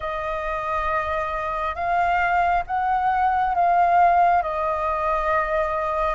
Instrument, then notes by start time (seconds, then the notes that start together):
flute
0.00 D#5
1.74 F5
2.66 F#5
3.54 F5
4.42 D#5